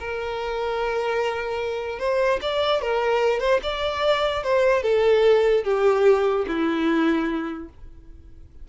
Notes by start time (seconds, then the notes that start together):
0.00 A#4
1.99 C5
2.42 D5
2.82 A#4
3.40 C5
3.63 D5
4.44 C5
4.83 A4
5.64 G4
6.48 E4